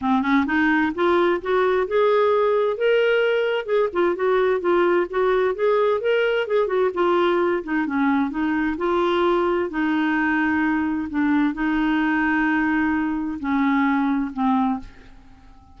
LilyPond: \new Staff \with { instrumentName = "clarinet" } { \time 4/4 \tempo 4 = 130 c'8 cis'8 dis'4 f'4 fis'4 | gis'2 ais'2 | gis'8 f'8 fis'4 f'4 fis'4 | gis'4 ais'4 gis'8 fis'8 f'4~ |
f'8 dis'8 cis'4 dis'4 f'4~ | f'4 dis'2. | d'4 dis'2.~ | dis'4 cis'2 c'4 | }